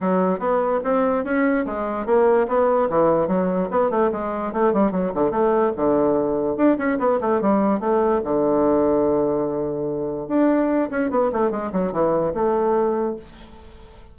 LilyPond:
\new Staff \with { instrumentName = "bassoon" } { \time 4/4 \tempo 4 = 146 fis4 b4 c'4 cis'4 | gis4 ais4 b4 e4 | fis4 b8 a8 gis4 a8 g8 | fis8 d8 a4 d2 |
d'8 cis'8 b8 a8 g4 a4 | d1~ | d4 d'4. cis'8 b8 a8 | gis8 fis8 e4 a2 | }